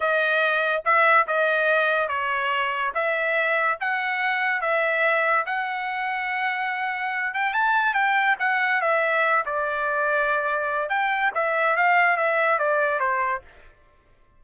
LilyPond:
\new Staff \with { instrumentName = "trumpet" } { \time 4/4 \tempo 4 = 143 dis''2 e''4 dis''4~ | dis''4 cis''2 e''4~ | e''4 fis''2 e''4~ | e''4 fis''2.~ |
fis''4. g''8 a''4 g''4 | fis''4 e''4. d''4.~ | d''2 g''4 e''4 | f''4 e''4 d''4 c''4 | }